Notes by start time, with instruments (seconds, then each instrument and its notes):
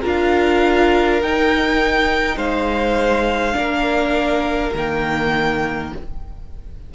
0.00 cello D4, viola F4, violin A#4
0.06 violin F5
1.21 cello D#4, viola D#4, violin G5
2.36 cello G#3, violin C5 F5
3.52 cello A#3, viola D4, violin A#4
4.74 cello D#3, viola A#3, violin G5